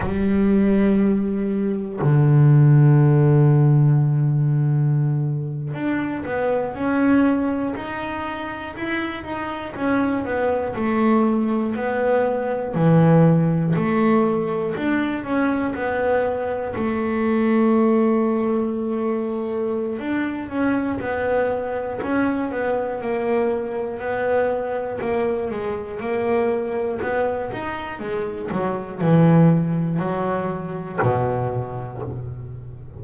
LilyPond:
\new Staff \with { instrumentName = "double bass" } { \time 4/4 \tempo 4 = 60 g2 d2~ | d4.~ d16 d'8 b8 cis'4 dis'16~ | dis'8. e'8 dis'8 cis'8 b8 a4 b16~ | b8. e4 a4 d'8 cis'8 b16~ |
b8. a2.~ a16 | d'8 cis'8 b4 cis'8 b8 ais4 | b4 ais8 gis8 ais4 b8 dis'8 | gis8 fis8 e4 fis4 b,4 | }